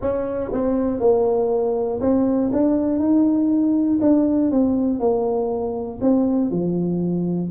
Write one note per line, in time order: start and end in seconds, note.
0.01 0.51 C#4
0.52 1.00 C4
1.00 2.00 A#3
2.00 2.50 C4
2.52 2.99 D4
2.99 3.99 D#4
4.01 4.51 D4
4.51 4.99 C4
4.99 5.99 A#3
6.01 6.50 C4
6.50 7.50 F3